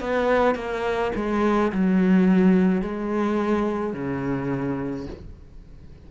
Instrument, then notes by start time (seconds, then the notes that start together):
cello
0.00 B3
0.55 A#3
1.15 G#3
1.72 F#3
2.82 G#3
3.93 C#3